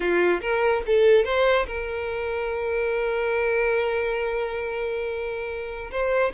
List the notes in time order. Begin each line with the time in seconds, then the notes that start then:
0.00 F4
0.41 A#4
0.86 A4
1.25 C5
1.66 A#4
5.91 C5